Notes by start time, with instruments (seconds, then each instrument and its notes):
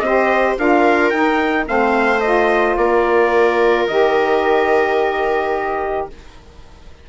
0.00 bassoon C4, saxophone G4, trumpet D#5
0.06 viola C5
0.58 bassoon D4, saxophone F4, viola A#4, trumpet F5
1.10 bassoon D#4, saxophone D#4, trumpet G5
1.67 bassoon A3, saxophone C4, viola C5, trumpet F5
2.21 saxophone F4, trumpet D#5
2.77 bassoon A#3, viola A#4, trumpet D5
3.88 bassoon D#3, saxophone G4, trumpet D#5